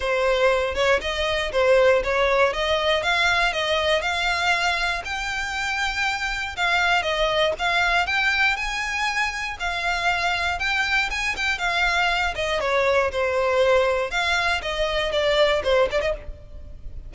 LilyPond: \new Staff \with { instrumentName = "violin" } { \time 4/4 \tempo 4 = 119 c''4. cis''8 dis''4 c''4 | cis''4 dis''4 f''4 dis''4 | f''2 g''2~ | g''4 f''4 dis''4 f''4 |
g''4 gis''2 f''4~ | f''4 g''4 gis''8 g''8 f''4~ | f''8 dis''8 cis''4 c''2 | f''4 dis''4 d''4 c''8 d''16 dis''16 | }